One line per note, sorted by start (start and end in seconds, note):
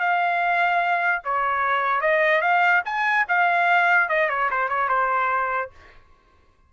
0.00 1.22 F5
1.24 2.01 C#5
2.01 2.42 D#5
2.42 2.83 F5
2.85 3.26 G#5
3.28 4.09 F5
4.09 4.29 D#5
4.29 4.50 C#5
4.51 4.69 C5
4.69 4.89 C#5
4.89 5.71 C5